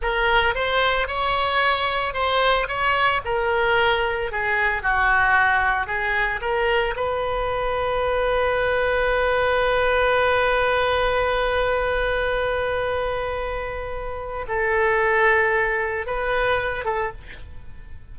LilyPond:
\new Staff \with { instrumentName = "oboe" } { \time 4/4 \tempo 4 = 112 ais'4 c''4 cis''2 | c''4 cis''4 ais'2 | gis'4 fis'2 gis'4 | ais'4 b'2.~ |
b'1~ | b'1~ | b'2. a'4~ | a'2 b'4. a'8 | }